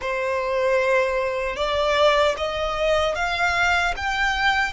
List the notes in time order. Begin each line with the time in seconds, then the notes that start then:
0.01 C5
1.56 D5
2.37 D#5
3.15 F5
3.96 G5